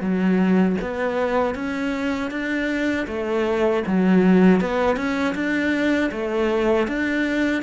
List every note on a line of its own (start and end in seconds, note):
0.00 0.76 F#3
0.81 1.54 B3
1.54 2.30 C#4
2.30 3.06 D4
3.07 3.83 A3
3.87 4.61 F#3
4.61 4.96 B3
4.96 5.34 C#4
5.34 6.10 D4
6.11 6.87 A3
6.87 7.62 D4